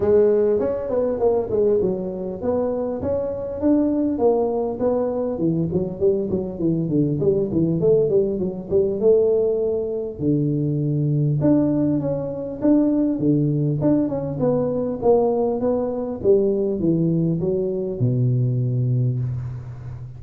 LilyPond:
\new Staff \with { instrumentName = "tuba" } { \time 4/4 \tempo 4 = 100 gis4 cis'8 b8 ais8 gis8 fis4 | b4 cis'4 d'4 ais4 | b4 e8 fis8 g8 fis8 e8 d8 | g8 e8 a8 g8 fis8 g8 a4~ |
a4 d2 d'4 | cis'4 d'4 d4 d'8 cis'8 | b4 ais4 b4 g4 | e4 fis4 b,2 | }